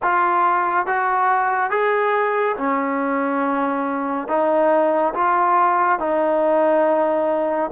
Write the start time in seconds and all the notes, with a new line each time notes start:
0.02 F4
0.86 F#4
1.70 G#4
2.56 C#4
4.28 D#4
5.14 F4
5.99 D#4